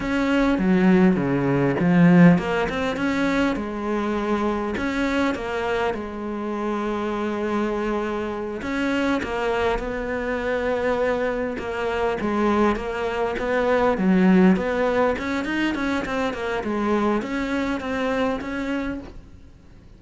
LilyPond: \new Staff \with { instrumentName = "cello" } { \time 4/4 \tempo 4 = 101 cis'4 fis4 cis4 f4 | ais8 c'8 cis'4 gis2 | cis'4 ais4 gis2~ | gis2~ gis8 cis'4 ais8~ |
ais8 b2. ais8~ | ais8 gis4 ais4 b4 fis8~ | fis8 b4 cis'8 dis'8 cis'8 c'8 ais8 | gis4 cis'4 c'4 cis'4 | }